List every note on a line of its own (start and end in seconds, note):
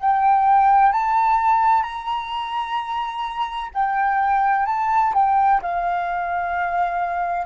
0.00 0.92 G5
0.92 1.83 A5
1.83 3.70 A#5
3.74 4.66 G5
4.66 5.13 A5
5.13 5.60 G5
5.62 7.46 F5